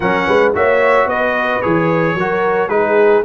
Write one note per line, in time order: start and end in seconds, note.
0.00 0.24 F#3
0.00 0.54 C#4
0.00 0.27 A#4
0.00 0.52 F#5
0.27 0.55 G#3
0.27 0.54 B4
0.54 1.06 A#3
0.54 1.62 F#4
0.54 1.07 C#5
0.54 1.08 E5
1.06 1.60 B3
1.06 2.15 B4
1.06 1.61 D#5
1.61 2.14 E3
1.61 2.16 G#4
1.61 2.68 C#5
2.14 2.67 F#3
2.14 2.69 F#4
2.14 2.70 A#4
2.67 3.21 G#3
2.67 3.23 D#4
2.67 3.24 G#4
2.67 3.22 B4